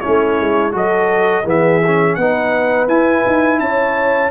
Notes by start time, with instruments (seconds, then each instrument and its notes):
0.00 trombone C#4, horn E4, trumpet C#5
0.07 tuba A3
0.39 tuba G#3
0.72 tuba F#3, trombone F#4, horn A4, trumpet D#5
1.44 tuba E3, trombone B3, horn G#4, trumpet E5
1.86 trombone C#4
2.15 tuba B3, trombone D#4, horn B4, trumpet F#5
2.88 tuba E4, trombone E4, trumpet G#5
3.26 tuba D#4
3.59 tuba C#4, horn C#5, trumpet A5